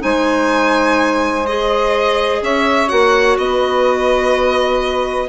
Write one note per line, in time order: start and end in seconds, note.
0.00 2.42 G#3
0.00 1.44 D#4
0.00 2.42 C5
0.00 1.46 G#5
1.46 2.88 G#4
1.46 2.42 D#5
2.42 2.90 C#4
2.42 3.38 C#5
2.42 2.89 E5
2.88 3.37 A#3
2.88 5.28 F#4
2.88 3.37 F#5
3.37 5.29 B3
3.37 5.29 B4
3.37 5.29 D#5